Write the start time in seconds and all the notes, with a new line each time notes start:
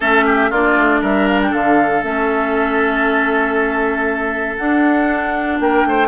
0.00 A3 C#4 A4 E5
0.25 G4
0.50 A#3 D4 F4 D5
0.76 A3
1.01 G3 A#4 E5
1.27 F5
1.42 G5
1.50 D3 A4 F5
2.03 A3 C#4 E5
4.57 D4 F#5
5.60 A#3 A#4 G5
5.84 A3 C5